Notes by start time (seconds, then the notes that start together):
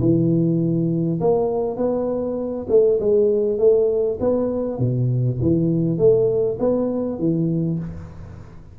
0.00 E3
1.20 A#3
1.77 B3
2.69 A3
3.00 G#3
3.58 A3
4.20 B3
4.79 B2
5.42 E3
5.98 A3
6.59 B3
7.19 E3